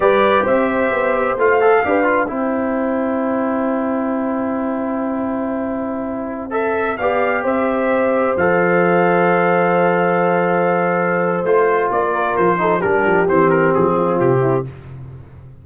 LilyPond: <<
  \new Staff \with { instrumentName = "trumpet" } { \time 4/4 \tempo 4 = 131 d''4 e''2 f''4~ | f''4 g''2.~ | g''1~ | g''2~ g''16 e''4 f''8.~ |
f''16 e''2 f''4.~ f''16~ | f''1~ | f''4 c''4 d''4 c''4 | ais'4 c''8 ais'8 gis'4 g'4 | }
  \new Staff \with { instrumentName = "horn" } { \time 4/4 b'4 c''2. | b'4 c''2.~ | c''1~ | c''2.~ c''16 d''8.~ |
d''16 c''2.~ c''8.~ | c''1~ | c''2~ c''8 ais'4 a'8 | g'2~ g'8 f'4 e'8 | }
  \new Staff \with { instrumentName = "trombone" } { \time 4/4 g'2. f'8 a'8 | g'8 f'8 e'2.~ | e'1~ | e'2~ e'16 a'4 g'8.~ |
g'2~ g'16 a'4.~ a'16~ | a'1~ | a'4 f'2~ f'8 dis'8 | d'4 c'2. | }
  \new Staff \with { instrumentName = "tuba" } { \time 4/4 g4 c'4 b4 a4 | d'4 c'2.~ | c'1~ | c'2.~ c'16 b8.~ |
b16 c'2 f4.~ f16~ | f1~ | f4 a4 ais4 f4 | g8 f8 e4 f4 c4 | }
>>